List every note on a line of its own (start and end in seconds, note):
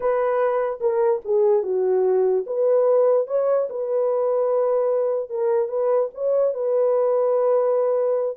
0.00 0.79 B4
0.80 1.21 A#4
1.24 1.63 G#4
1.63 2.44 F#4
2.46 3.27 B4
3.27 3.68 C#5
3.69 5.29 B4
5.29 5.68 A#4
5.68 6.09 B4
6.14 6.54 C#5
6.54 8.36 B4